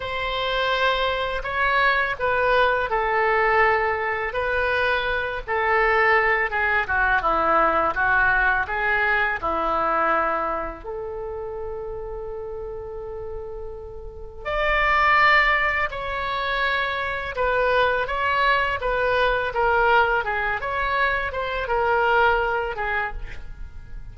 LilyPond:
\new Staff \with { instrumentName = "oboe" } { \time 4/4 \tempo 4 = 83 c''2 cis''4 b'4 | a'2 b'4. a'8~ | a'4 gis'8 fis'8 e'4 fis'4 | gis'4 e'2 a'4~ |
a'1 | d''2 cis''2 | b'4 cis''4 b'4 ais'4 | gis'8 cis''4 c''8 ais'4. gis'8 | }